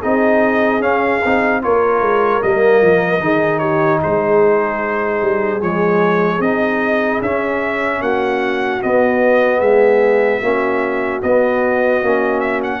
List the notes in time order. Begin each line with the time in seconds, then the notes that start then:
0.00 C4 D#4 G#4 D#5
0.80 C#4 F5
1.24 C4 D#4
1.62 A#3 F4 A#4 C#5
2.01 G#3
2.42 G3 A#3 D#5
2.81 F3
3.20 D#3 D#4 G#4
3.59 G4 C#5
4.02 G#3 G#4 C5
5.21 G3
5.61 F3 G#3 C#5
6.39 C4 D#4 D#5
7.21 C#4 E5
8.01 A#3 F#4 F#5
8.82 B3 D#5
9.58 G#3 G#4 E5
10.38 A#3 C#4 F#4
11.22 B3 D#5
12.02 A#3 C#4
12.40 E5
12.63 F#5